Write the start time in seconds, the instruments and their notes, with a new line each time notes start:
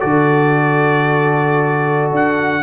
0.00 tuba D3, trombone F#4, horn A4, trumpet D5
2.11 tuba D4, trumpet F#5